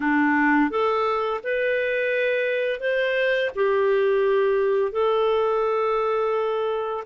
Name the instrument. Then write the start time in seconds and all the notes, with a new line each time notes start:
clarinet
0.00 D4
0.70 A4
1.43 B4
2.79 C5
3.55 G4
4.92 A4